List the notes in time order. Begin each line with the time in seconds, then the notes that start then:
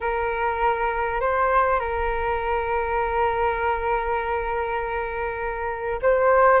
0.00 A#4
1.20 C5
1.79 A#4
6.02 C5